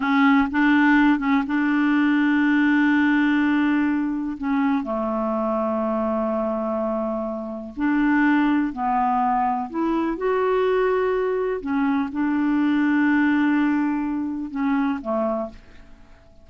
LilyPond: \new Staff \with { instrumentName = "clarinet" } { \time 4/4 \tempo 4 = 124 cis'4 d'4. cis'8 d'4~ | d'1~ | d'4 cis'4 a2~ | a1 |
d'2 b2 | e'4 fis'2. | cis'4 d'2.~ | d'2 cis'4 a4 | }